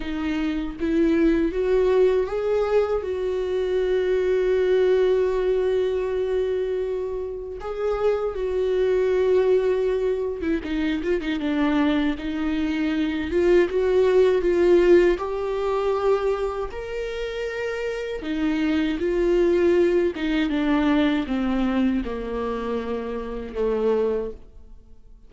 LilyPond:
\new Staff \with { instrumentName = "viola" } { \time 4/4 \tempo 4 = 79 dis'4 e'4 fis'4 gis'4 | fis'1~ | fis'2 gis'4 fis'4~ | fis'4.~ fis'16 e'16 dis'8 f'16 dis'16 d'4 |
dis'4. f'8 fis'4 f'4 | g'2 ais'2 | dis'4 f'4. dis'8 d'4 | c'4 ais2 a4 | }